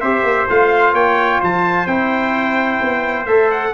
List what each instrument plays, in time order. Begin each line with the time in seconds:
0.00 tuba C4, trombone G4, trumpet C5 E5
0.23 tuba A#3
0.48 tuba A3, trombone F4, trumpet F5
0.93 tuba A#3, trumpet C#5 G5
1.40 tuba F3, trumpet C5 A5
1.86 tuba C4, trombone E4, trumpet G5
2.81 tuba B3
3.26 tuba A3, trombone A4, trumpet E5
3.50 trumpet F#5